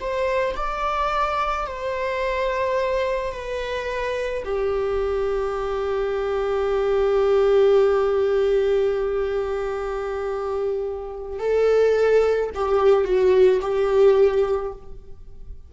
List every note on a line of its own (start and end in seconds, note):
0.00 0.56 C5
0.56 1.67 D5
1.67 3.32 C5
3.32 4.43 B4
4.44 11.39 G4
11.39 12.50 A4
12.55 13.05 G4
13.05 13.60 F#4
13.61 14.72 G4